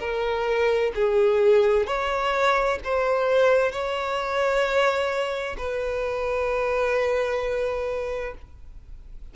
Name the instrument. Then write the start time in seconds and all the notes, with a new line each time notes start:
violin
0.00 A#4
0.95 G#4
1.87 C#5
2.84 C5
3.72 C#5
5.58 B4